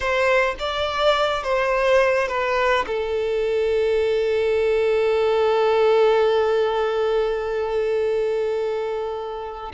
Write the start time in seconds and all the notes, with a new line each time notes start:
0.00 C5
0.59 D5
1.43 C5
2.28 B4
2.86 A4